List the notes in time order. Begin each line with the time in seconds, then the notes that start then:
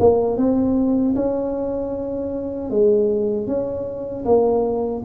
0.00 A#3
0.37 C4
1.16 C#4
2.71 G#3
3.47 C#4
4.25 A#3